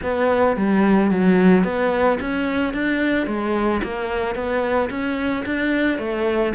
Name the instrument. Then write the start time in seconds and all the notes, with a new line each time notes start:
cello
0.02 B3
0.56 G3
1.11 F#3
1.64 B3
2.20 C#4
2.73 D4
3.26 G#3
3.83 A#3
4.35 B3
4.89 C#4
5.45 D4
5.98 A3